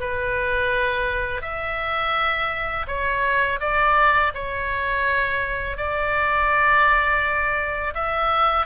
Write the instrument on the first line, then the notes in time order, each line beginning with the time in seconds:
oboe
0.00 B4
1.42 E5
2.88 C#5
3.60 D5
4.34 C#5
5.77 D5
7.94 E5